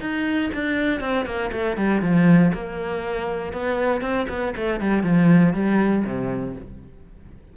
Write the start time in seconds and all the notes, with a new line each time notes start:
0.00 D#4
0.54 D4
1.00 C4
1.25 A#3
1.52 A3
1.76 G3
2.01 F3
2.53 A#3
3.53 B3
4.01 C4
4.29 B3
4.56 A3
4.80 G3
5.03 F3
5.53 G3
6.04 C3